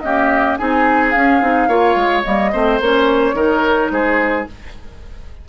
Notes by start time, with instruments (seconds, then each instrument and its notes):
0.00 clarinet A#3, bassoon C#4, oboe G4, flute D#5
0.57 bassoon C4, clarinet D#4, oboe G#4, flute G#5
1.11 clarinet C#4, bassoon C#4, flute F5
1.41 bassoon C4, clarinet D#4
1.67 bassoon A#3, clarinet F4, oboe C#5
1.95 bassoon G#3
2.23 bassoon G3, clarinet A#3, flute D#5
2.52 bassoon A3, clarinet C4, oboe C5
2.80 bassoon A#3, clarinet C#4, flute C#5
3.33 bassoon D#3, clarinet D#4, oboe A#4
3.91 bassoon G#3, oboe G#4, flute C5